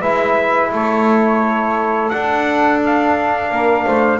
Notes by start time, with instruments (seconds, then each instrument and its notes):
0.00 double bass G#3, trombone E4, saxophone B4, trumpet E5
0.71 double bass A3, saxophone A4, trumpet C#5
2.09 trombone D4, double bass D4, trumpet F#5
2.86 trumpet F5
3.51 double bass A#3, saxophone A#4
3.85 double bass A3, saxophone C5